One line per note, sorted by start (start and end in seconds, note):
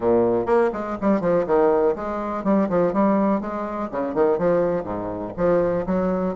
0.00 0.46 A#2
0.46 0.70 A#3
0.73 0.97 G#3
1.01 1.21 G3
1.21 1.45 F3
1.46 1.95 D#3
1.95 2.44 G#3
2.44 2.68 G3
2.69 2.93 F3
2.93 3.40 G3
3.40 3.89 G#3
3.91 4.14 C#3
4.14 4.38 D#3
4.38 4.83 F3
4.83 5.32 G#2
5.37 5.85 F3
5.86 6.35 F#3